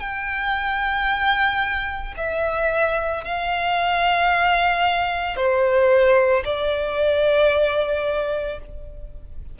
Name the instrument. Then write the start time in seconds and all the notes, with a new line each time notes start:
violin
0.00 G5
2.17 E5
3.24 F5
5.36 C5
6.45 D5